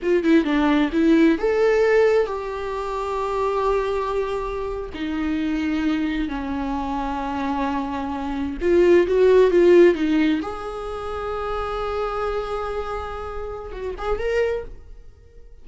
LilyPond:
\new Staff \with { instrumentName = "viola" } { \time 4/4 \tempo 4 = 131 f'8 e'8 d'4 e'4 a'4~ | a'4 g'2.~ | g'2~ g'8. dis'4~ dis'16~ | dis'4.~ dis'16 cis'2~ cis'16~ |
cis'2~ cis'8. f'4 fis'16~ | fis'8. f'4 dis'4 gis'4~ gis'16~ | gis'1~ | gis'2 fis'8 gis'8 ais'4 | }